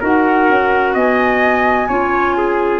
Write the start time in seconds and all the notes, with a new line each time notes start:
0.00 D#4 F#4 A#4 F#5
0.49 C#4
0.94 B3 D#5 G#5
1.88 C#4 F4 C#5
2.37 G#4